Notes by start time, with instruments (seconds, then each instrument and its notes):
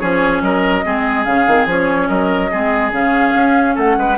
0.00 bassoon F3, clarinet C#4, oboe G#4, flute C#5
0.42 bassoon F#3, oboe A#4, flute D#5
0.84 bassoon G#3, clarinet C4, oboe G#4
1.25 bassoon C#3, clarinet C#4, flute F5
1.48 bassoon D#3, clarinet C4
1.67 bassoon F3, clarinet C#4, flute C#5
2.08 bassoon F#3, oboe A#4, flute D#5
2.51 bassoon G#3, clarinet C4, oboe G#4
2.92 bassoon C#3, clarinet C#4, flute F5
3.35 bassoon C#4
3.75 bassoon A3, oboe A4, flute F#5
3.98 bassoon G#3, oboe B4